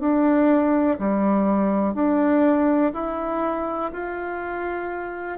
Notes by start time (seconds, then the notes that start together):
0.00 D4
0.99 G3
1.94 D4
2.93 E4
3.93 F4